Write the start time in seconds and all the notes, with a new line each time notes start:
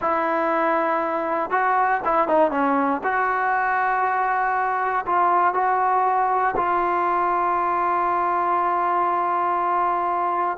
0.01 E4
1.50 F#4
2.04 E4
2.28 D#4
2.50 C#4
3.03 F#4
5.06 F4
5.53 F#4
6.56 F4